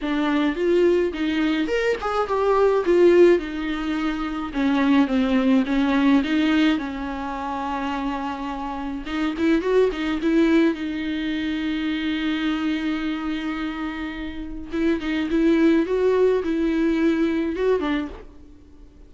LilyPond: \new Staff \with { instrumentName = "viola" } { \time 4/4 \tempo 4 = 106 d'4 f'4 dis'4 ais'8 gis'8 | g'4 f'4 dis'2 | cis'4 c'4 cis'4 dis'4 | cis'1 |
dis'8 e'8 fis'8 dis'8 e'4 dis'4~ | dis'1~ | dis'2 e'8 dis'8 e'4 | fis'4 e'2 fis'8 d'8 | }